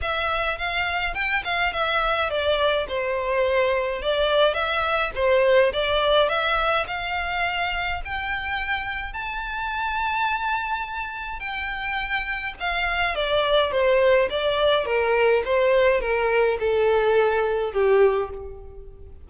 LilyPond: \new Staff \with { instrumentName = "violin" } { \time 4/4 \tempo 4 = 105 e''4 f''4 g''8 f''8 e''4 | d''4 c''2 d''4 | e''4 c''4 d''4 e''4 | f''2 g''2 |
a''1 | g''2 f''4 d''4 | c''4 d''4 ais'4 c''4 | ais'4 a'2 g'4 | }